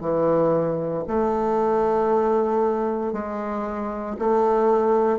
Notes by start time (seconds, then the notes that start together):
0.00 E3
1.08 A3
3.13 G#3
4.19 A3